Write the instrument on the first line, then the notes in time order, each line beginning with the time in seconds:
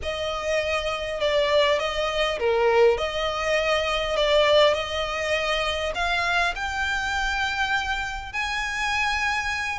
violin
0.02 D#5
1.20 D5
1.79 D#5
2.39 A#4
2.97 D#5
4.16 D5
4.74 D#5
5.95 F5
6.55 G5
8.32 G#5